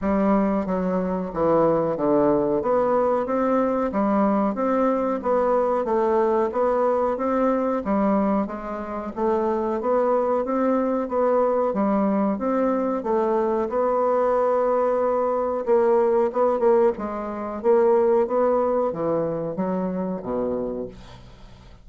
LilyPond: \new Staff \with { instrumentName = "bassoon" } { \time 4/4 \tempo 4 = 92 g4 fis4 e4 d4 | b4 c'4 g4 c'4 | b4 a4 b4 c'4 | g4 gis4 a4 b4 |
c'4 b4 g4 c'4 | a4 b2. | ais4 b8 ais8 gis4 ais4 | b4 e4 fis4 b,4 | }